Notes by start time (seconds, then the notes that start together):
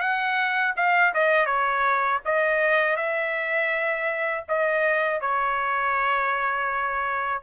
0.00 F#5
0.76 F5
1.14 D#5
1.46 C#5
2.26 D#5
2.97 E5
4.49 D#5
5.21 C#5